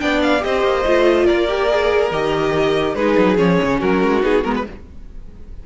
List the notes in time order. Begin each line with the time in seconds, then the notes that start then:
0.00 B3 D4 D5 G5
0.22 F5
0.40 C4 G4 D#5
0.46 C5
0.63 A#3
0.86 A3 F4
1.26 A#3 A#4 D5
1.48 G4
1.70 G#4
2.11 D#3 G4 D#5
2.95 G#3 D#4 G#4 B4
3.18 F#3
3.37 F3 C#4 C#5
3.63 C#3
3.79 F#3 F#4 A#4
4.03 G#3
4.21 B3 D#4 G#4
4.44 G#3 B3 A#4
4.55 B4